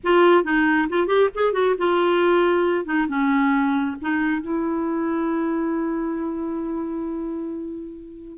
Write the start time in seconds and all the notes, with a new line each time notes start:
0.03 F4
0.44 D#4
0.89 F4
1.07 G4
1.34 G#4
1.53 F#4
1.77 F4
2.85 D#4
3.08 C#4
4.01 D#4
4.41 E4